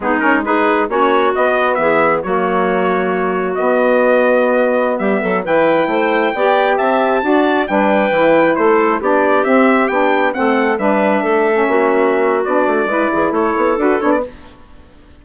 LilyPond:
<<
  \new Staff \with { instrumentName = "trumpet" } { \time 4/4 \tempo 4 = 135 gis'8 ais'8 b'4 cis''4 dis''4 | e''4 cis''2. | dis''2.~ dis''16 e''8.~ | e''16 g''2. a''8.~ |
a''4~ a''16 g''2 c''8.~ | c''16 d''4 e''4 g''4 fis''8.~ | fis''16 e''2.~ e''8. | d''2 cis''4 b'8 cis''16 d''16 | }
  \new Staff \with { instrumentName = "clarinet" } { \time 4/4 dis'4 gis'4 fis'2 | gis'4 fis'2.~ | fis'2.~ fis'16 g'8 a'16~ | a'16 b'4 c''4 d''4 e''8.~ |
e''16 d''4 b'2 a'8.~ | a'16 g'2. a'8.~ | a'16 b'4 a'4 fis'4.~ fis'16~ | fis'4 b'8 gis'8 a'2 | }
  \new Staff \with { instrumentName = "saxophone" } { \time 4/4 b8 cis'8 dis'4 cis'4 b4~ | b4 ais2. | b1~ | b16 e'2 g'4.~ g'16~ |
g'16 fis'4 d'4 e'4.~ e'16~ | e'16 d'4 c'4 d'4 c'8.~ | c'16 d'4.~ d'16 cis'2 | d'4 e'2 fis'8 d'8 | }
  \new Staff \with { instrumentName = "bassoon" } { \time 4/4 gis2 ais4 b4 | e4 fis2. | b2.~ b16 g8 fis16~ | fis16 e4 a4 b4 c'8.~ |
c'16 d'4 g4 e4 a8.~ | a16 b4 c'4 b4 a8.~ | a16 g4 a4 ais4.~ ais16 | b8 a8 gis8 e8 a8 b8 d'8 b8 | }
>>